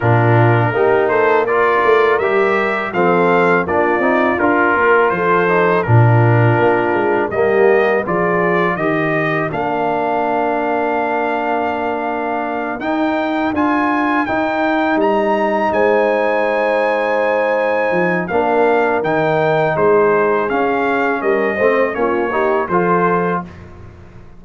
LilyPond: <<
  \new Staff \with { instrumentName = "trumpet" } { \time 4/4 \tempo 4 = 82 ais'4. c''8 d''4 e''4 | f''4 d''4 ais'4 c''4 | ais'2 dis''4 d''4 | dis''4 f''2.~ |
f''4. g''4 gis''4 g''8~ | g''8 ais''4 gis''2~ gis''8~ | gis''4 f''4 g''4 c''4 | f''4 dis''4 cis''4 c''4 | }
  \new Staff \with { instrumentName = "horn" } { \time 4/4 f'4 g'8 a'8 ais'2 | a'4 f'4. ais'8 a'4 | f'2 g'4 gis'4 | ais'1~ |
ais'1~ | ais'4. c''2~ c''8~ | c''4 ais'2 gis'4~ | gis'4 ais'8 c''8 f'8 g'8 a'4 | }
  \new Staff \with { instrumentName = "trombone" } { \time 4/4 d'4 dis'4 f'4 g'4 | c'4 d'8 dis'8 f'4. dis'8 | d'2 ais4 f'4 | g'4 d'2.~ |
d'4. dis'4 f'4 dis'8~ | dis'1~ | dis'4 d'4 dis'2 | cis'4. c'8 cis'8 dis'8 f'4 | }
  \new Staff \with { instrumentName = "tuba" } { \time 4/4 ais,4 ais4. a8 g4 | f4 ais8 c'8 d'8 ais8 f4 | ais,4 ais8 gis8 g4 f4 | dis4 ais2.~ |
ais4. dis'4 d'4 dis'8~ | dis'8 g4 gis2~ gis8~ | gis8 f8 ais4 dis4 gis4 | cis'4 g8 a8 ais4 f4 | }
>>